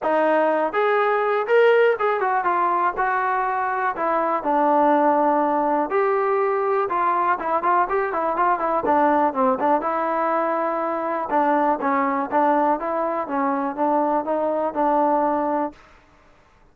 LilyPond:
\new Staff \with { instrumentName = "trombone" } { \time 4/4 \tempo 4 = 122 dis'4. gis'4. ais'4 | gis'8 fis'8 f'4 fis'2 | e'4 d'2. | g'2 f'4 e'8 f'8 |
g'8 e'8 f'8 e'8 d'4 c'8 d'8 | e'2. d'4 | cis'4 d'4 e'4 cis'4 | d'4 dis'4 d'2 | }